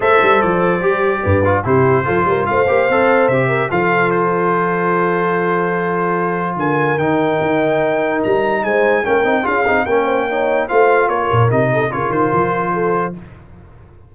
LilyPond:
<<
  \new Staff \with { instrumentName = "trumpet" } { \time 4/4 \tempo 4 = 146 e''4 d''2. | c''2 f''2 | e''4 f''4 c''2~ | c''1 |
gis''4 g''2. | ais''4 gis''4 g''4 f''4 | g''2 f''4 cis''4 | dis''4 cis''8 c''2~ c''8 | }
  \new Staff \with { instrumentName = "horn" } { \time 4/4 c''2. b'4 | g'4 a'8 ais'8 c''2~ | c''8 ais'8 a'2.~ | a'1 |
ais'1~ | ais'4 c''4 ais'4 gis'4 | ais'8 c''8 cis''4 c''4 ais'4~ | ais'8 a'8 ais'2 a'4 | }
  \new Staff \with { instrumentName = "trombone" } { \time 4/4 a'2 g'4. f'8 | e'4 f'4. g'8 a'4 | g'4 f'2.~ | f'1~ |
f'4 dis'2.~ | dis'2 cis'8 dis'8 f'8 dis'8 | cis'4 dis'4 f'2 | dis'4 f'2. | }
  \new Staff \with { instrumentName = "tuba" } { \time 4/4 a8 g8 f4 g4 g,4 | c4 f8 g8 a8 ais8 c'4 | c4 f2.~ | f1 |
d4 dis4 dis'2 | g4 gis4 ais8 c'8 cis'8 c'8 | ais2 a4 ais8 ais,8 | c4 cis8 dis8 f2 | }
>>